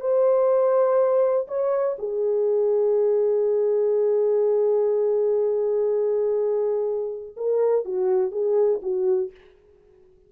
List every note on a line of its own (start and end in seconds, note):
0.00 1.46 C5
1.47 1.96 C#5
1.98 7.35 G#4
7.36 7.85 A#4
7.85 8.31 F#4
8.31 8.80 G#4
8.82 9.31 F#4